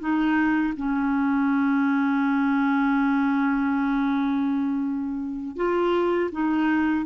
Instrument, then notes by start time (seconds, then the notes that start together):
clarinet
0.00 D#4
0.77 C#4
5.57 F4
6.32 D#4